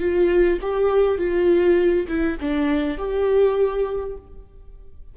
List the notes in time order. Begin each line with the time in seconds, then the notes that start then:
0.00 F4
0.62 G4
1.18 F4
2.08 E4
2.41 D4
2.98 G4